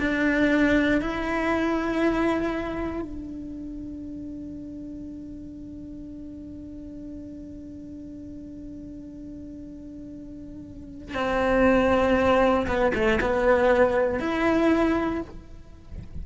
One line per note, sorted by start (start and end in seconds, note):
0.00 1.02 D4
1.02 3.02 E4
3.02 11.15 D4
11.15 12.67 C4
12.67 12.93 B3
12.95 13.20 A3
13.22 14.20 B3
14.20 15.22 E4